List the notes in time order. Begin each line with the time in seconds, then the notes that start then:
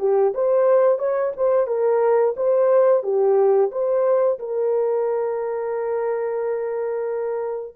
0.00 G4
0.35 C5
0.99 C#5
1.37 C5
1.68 A#4
2.37 C5
3.04 G4
3.72 C5
4.40 A#4